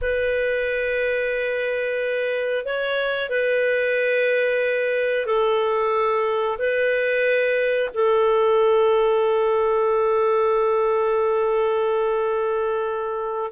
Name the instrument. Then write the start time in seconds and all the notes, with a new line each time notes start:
clarinet
0.01 B4
2.65 C#5
3.29 B4
5.26 A4
6.58 B4
7.94 A4